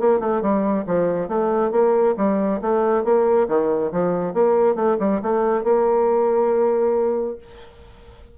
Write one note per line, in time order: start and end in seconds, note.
0.00 0.20 A#3
0.20 0.42 A3
0.42 0.85 G3
0.87 1.28 F3
1.28 1.72 A3
1.72 2.15 A#3
2.17 2.61 G3
2.62 3.04 A3
3.04 3.48 A#3
3.49 3.92 D#3
3.92 4.34 F3
4.34 4.75 A#3
4.75 4.97 A3
5.00 5.21 G3
5.23 5.64 A3
5.64 7.38 A#3